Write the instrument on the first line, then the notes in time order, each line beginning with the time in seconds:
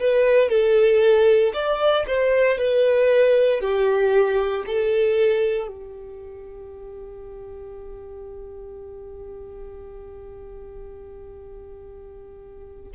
violin
0.00 B4
0.49 A4
1.54 D5
2.07 C5
2.58 B4
3.61 G4
4.66 A4
5.68 G4